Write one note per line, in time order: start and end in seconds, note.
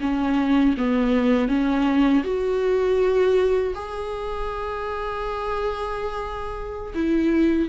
0.00 0.75 C#4
0.77 1.48 B3
1.48 2.23 C#4
2.24 3.74 F#4
3.74 6.93 G#4
6.94 7.68 E4